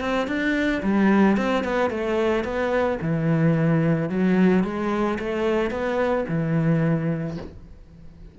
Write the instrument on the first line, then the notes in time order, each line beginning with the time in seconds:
cello
0.00 C4
0.27 D4
0.82 G3
1.37 C4
1.64 B3
1.90 A3
2.44 B3
3.01 E3
4.09 F#3
4.64 G#3
5.19 A3
5.70 B3
6.29 E3